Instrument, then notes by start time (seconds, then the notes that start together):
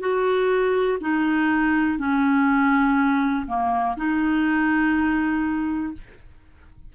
clarinet
0.00 F#4
1.01 D#4
1.99 C#4
3.47 A#3
3.97 D#4